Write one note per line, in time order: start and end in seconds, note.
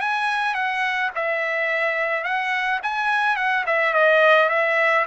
0.00 0.54 G#5
0.54 1.10 F#5
1.15 2.24 E5
2.24 2.80 F#5
2.82 3.36 G#5
3.36 3.64 F#5
3.66 3.93 E5
3.93 4.49 D#5
4.49 5.05 E5